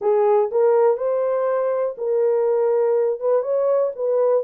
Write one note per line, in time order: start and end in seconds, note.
0.01 0.50 G#4
0.51 0.97 A#4
0.97 1.95 C5
1.97 3.20 A#4
3.20 3.42 B4
3.42 3.91 C#5
3.95 4.43 B4